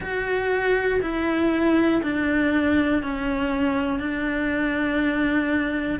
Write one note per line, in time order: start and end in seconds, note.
0.00 1.00 F#4
1.01 2.01 E4
2.02 3.02 D4
3.03 4.00 C#4
4.00 5.99 D4